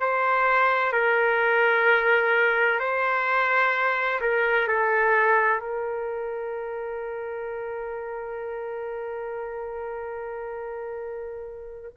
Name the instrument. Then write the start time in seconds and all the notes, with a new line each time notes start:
trumpet
0.00 C5
0.92 A#4
2.79 C5
4.21 A#4
4.67 A4
5.60 A#4